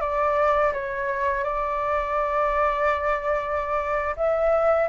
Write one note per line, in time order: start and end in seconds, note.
0.00 0.72 D5
0.73 1.44 C#5
1.44 4.15 D5
4.16 4.88 E5